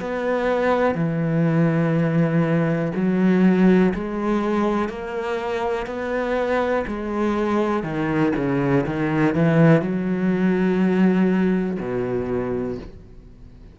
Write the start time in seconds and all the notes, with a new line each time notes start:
0.00 B3
0.95 E3
2.95 F#3
3.94 G#3
4.89 A#3
5.87 B3
6.88 G#3
7.84 D#3
8.36 C#3
8.87 D#3
9.35 E3
9.82 F#3
11.80 B2